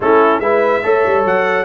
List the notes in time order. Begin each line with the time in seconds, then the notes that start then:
0.00 A3 C#4 E4 A4
0.39 G#3 E4 B4 E5
0.83 A3 A4 C#5
1.06 G3
1.25 F#3 F#5